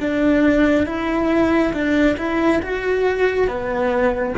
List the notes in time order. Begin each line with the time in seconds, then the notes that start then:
0.00 D4
0.86 E4
1.73 D4
2.17 E4
2.62 F#4
3.47 B3